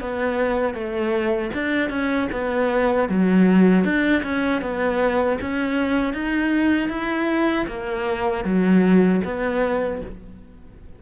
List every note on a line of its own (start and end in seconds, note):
0.00 0.74 B3
0.74 1.51 A3
1.53 1.89 D4
1.89 2.28 C#4
2.32 3.08 B3
3.08 3.84 F#3
3.84 4.22 D4
4.23 4.61 C#4
4.61 5.38 B3
5.41 6.13 C#4
6.13 6.89 D#4
6.89 7.66 E4
7.67 8.44 A#3
8.44 9.21 F#3
9.24 10.01 B3